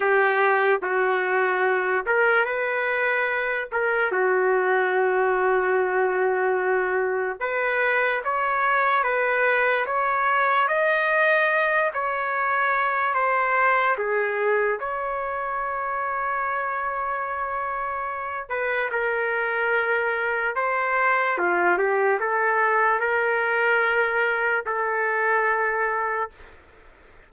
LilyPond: \new Staff \with { instrumentName = "trumpet" } { \time 4/4 \tempo 4 = 73 g'4 fis'4. ais'8 b'4~ | b'8 ais'8 fis'2.~ | fis'4 b'4 cis''4 b'4 | cis''4 dis''4. cis''4. |
c''4 gis'4 cis''2~ | cis''2~ cis''8 b'8 ais'4~ | ais'4 c''4 f'8 g'8 a'4 | ais'2 a'2 | }